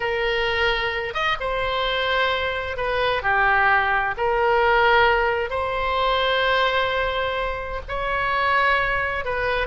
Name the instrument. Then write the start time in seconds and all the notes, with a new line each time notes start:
oboe
0.00 A#4
1.14 D#5
1.40 C5
2.77 B4
3.22 G4
4.17 A#4
5.50 C5
7.88 C#5
9.24 B4